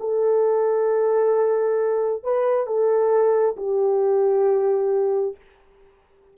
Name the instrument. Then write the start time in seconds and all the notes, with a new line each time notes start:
horn
0.00 A4
2.23 B4
2.67 A4
3.57 G4